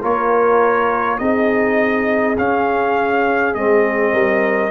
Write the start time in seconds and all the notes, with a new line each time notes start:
0.00 A#3 F4 A#4 C#5
1.18 C4 D#4 G#4 D#5
2.37 C#4 F5
3.54 G#3 C4 D#5
4.12 G3 A#4